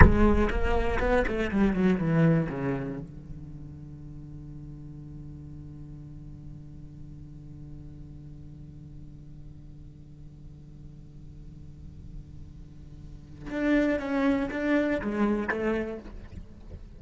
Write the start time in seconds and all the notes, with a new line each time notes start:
0.02 G#3
0.50 A#3
0.99 B3
1.27 A3
1.50 G3
1.73 F#3
1.98 E3
2.49 C#3
2.99 D3
13.50 D4
13.99 C#4
14.50 D4
15.01 G#3
15.48 A3